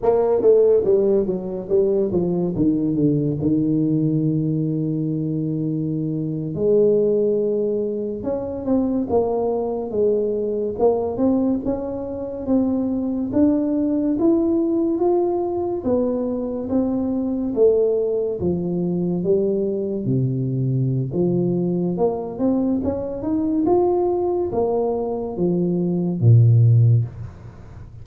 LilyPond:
\new Staff \with { instrumentName = "tuba" } { \time 4/4 \tempo 4 = 71 ais8 a8 g8 fis8 g8 f8 dis8 d8 | dis2.~ dis8. gis16~ | gis4.~ gis16 cis'8 c'8 ais4 gis16~ | gis8. ais8 c'8 cis'4 c'4 d'16~ |
d'8. e'4 f'4 b4 c'16~ | c'8. a4 f4 g4 c16~ | c4 f4 ais8 c'8 cis'8 dis'8 | f'4 ais4 f4 ais,4 | }